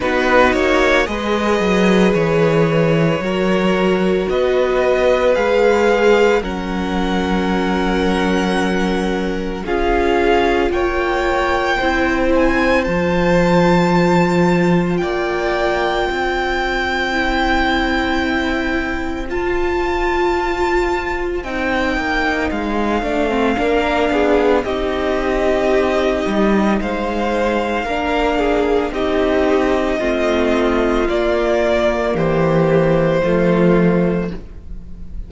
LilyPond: <<
  \new Staff \with { instrumentName = "violin" } { \time 4/4 \tempo 4 = 56 b'8 cis''8 dis''4 cis''2 | dis''4 f''4 fis''2~ | fis''4 f''4 g''4. gis''8 | a''2 g''2~ |
g''2 a''2 | g''4 f''2 dis''4~ | dis''4 f''2 dis''4~ | dis''4 d''4 c''2 | }
  \new Staff \with { instrumentName = "violin" } { \time 4/4 fis'4 b'2 ais'4 | b'2 ais'2~ | ais'4 gis'4 cis''4 c''4~ | c''2 d''4 c''4~ |
c''1~ | c''2 ais'8 gis'8 g'4~ | g'4 c''4 ais'8 gis'8 g'4 | f'2 g'4 f'4 | }
  \new Staff \with { instrumentName = "viola" } { \time 4/4 dis'4 gis'2 fis'4~ | fis'4 gis'4 cis'2~ | cis'4 f'2 e'4 | f'1 |
e'2 f'2 | dis'4. d'16 c'16 d'4 dis'4~ | dis'2 d'4 dis'4 | c'4 ais2 a4 | }
  \new Staff \with { instrumentName = "cello" } { \time 4/4 b8 ais8 gis8 fis8 e4 fis4 | b4 gis4 fis2~ | fis4 cis'4 ais4 c'4 | f2 ais4 c'4~ |
c'2 f'2 | c'8 ais8 gis8 a8 ais8 b8 c'4~ | c'8 g8 gis4 ais4 c'4 | a4 ais4 e4 f4 | }
>>